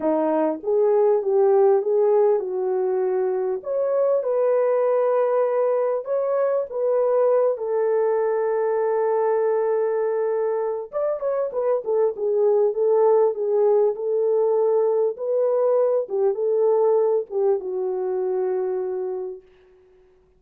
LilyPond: \new Staff \with { instrumentName = "horn" } { \time 4/4 \tempo 4 = 99 dis'4 gis'4 g'4 gis'4 | fis'2 cis''4 b'4~ | b'2 cis''4 b'4~ | b'8 a'2.~ a'8~ |
a'2 d''8 cis''8 b'8 a'8 | gis'4 a'4 gis'4 a'4~ | a'4 b'4. g'8 a'4~ | a'8 g'8 fis'2. | }